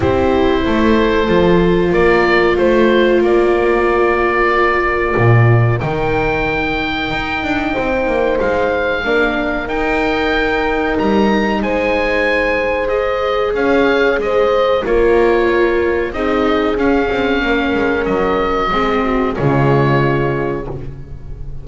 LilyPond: <<
  \new Staff \with { instrumentName = "oboe" } { \time 4/4 \tempo 4 = 93 c''2. d''4 | c''4 d''2.~ | d''4 g''2.~ | g''4 f''2 g''4~ |
g''4 ais''4 gis''2 | dis''4 f''4 dis''4 cis''4~ | cis''4 dis''4 f''2 | dis''2 cis''2 | }
  \new Staff \with { instrumentName = "horn" } { \time 4/4 g'4 a'2 ais'4 | c''4 ais'2.~ | ais'1 | c''2 ais'2~ |
ais'2 c''2~ | c''4 cis''4 c''4 ais'4~ | ais'4 gis'2 ais'4~ | ais'4 gis'8 fis'8 f'2 | }
  \new Staff \with { instrumentName = "viola" } { \time 4/4 e'2 f'2~ | f'1~ | f'4 dis'2.~ | dis'2 d'4 dis'4~ |
dis'1 | gis'2. f'4~ | f'4 dis'4 cis'2~ | cis'4 c'4 gis2 | }
  \new Staff \with { instrumentName = "double bass" } { \time 4/4 c'4 a4 f4 ais4 | a4 ais2. | ais,4 dis2 dis'8 d'8 | c'8 ais8 gis4 ais4 dis'4~ |
dis'4 g4 gis2~ | gis4 cis'4 gis4 ais4~ | ais4 c'4 cis'8 c'8 ais8 gis8 | fis4 gis4 cis2 | }
>>